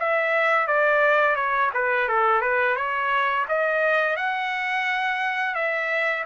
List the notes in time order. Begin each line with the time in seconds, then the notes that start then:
0.00 E5
0.68 D5
1.36 C#5
1.74 B4
2.09 A4
2.42 B4
2.77 C#5
3.49 D#5
4.17 F#5
5.55 E5